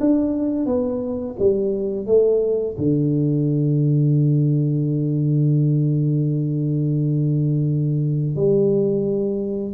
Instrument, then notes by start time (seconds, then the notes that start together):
tuba
0.00 D4
0.66 B3
1.39 G3
2.06 A3
2.77 D3
8.36 G3